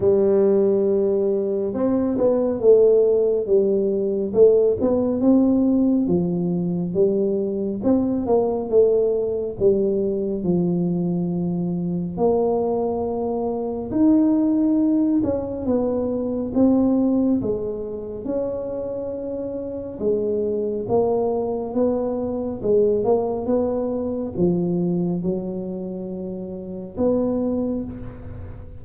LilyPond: \new Staff \with { instrumentName = "tuba" } { \time 4/4 \tempo 4 = 69 g2 c'8 b8 a4 | g4 a8 b8 c'4 f4 | g4 c'8 ais8 a4 g4 | f2 ais2 |
dis'4. cis'8 b4 c'4 | gis4 cis'2 gis4 | ais4 b4 gis8 ais8 b4 | f4 fis2 b4 | }